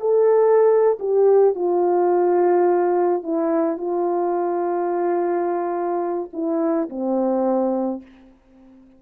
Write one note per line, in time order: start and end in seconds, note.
0.00 0.98 A4
0.99 1.55 G4
1.55 3.23 F4
3.23 3.77 E4
3.77 6.30 F4
6.33 6.89 E4
6.89 8.02 C4